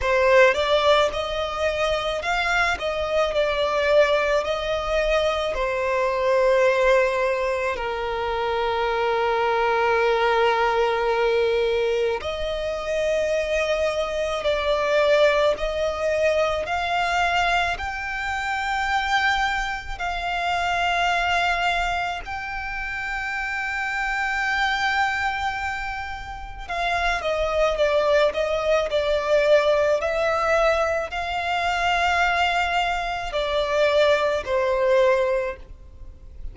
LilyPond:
\new Staff \with { instrumentName = "violin" } { \time 4/4 \tempo 4 = 54 c''8 d''8 dis''4 f''8 dis''8 d''4 | dis''4 c''2 ais'4~ | ais'2. dis''4~ | dis''4 d''4 dis''4 f''4 |
g''2 f''2 | g''1 | f''8 dis''8 d''8 dis''8 d''4 e''4 | f''2 d''4 c''4 | }